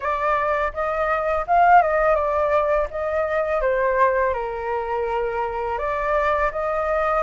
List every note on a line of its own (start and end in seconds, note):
0.00 0.72 D5
0.73 1.45 D#5
1.47 1.82 F5
1.82 2.15 D#5
2.15 2.87 D5
2.90 3.61 D#5
3.61 4.33 C5
4.33 5.78 A#4
5.78 6.50 D5
6.51 7.23 D#5